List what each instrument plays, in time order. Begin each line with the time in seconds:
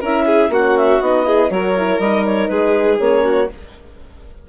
0.00 bassoon C#4, horn E4, violin A#4, clarinet E5
0.26 violin G#4
0.49 bassoon A#3, horn C#4, violin F#4, clarinet F#5
0.77 clarinet E5
1.01 bassoon B3, horn D#4, clarinet D#5
1.25 horn E4, violin G#4
1.50 bassoon F#3, horn F#4, violin A#4, clarinet C#5
1.77 horn E4
1.99 bassoon G3, horn D#4, clarinet D#5
2.26 clarinet C#5
2.48 bassoon G#3, violin G#4, clarinet B4
3.00 bassoon A#3, horn C#4, clarinet C#5
3.24 violin F#4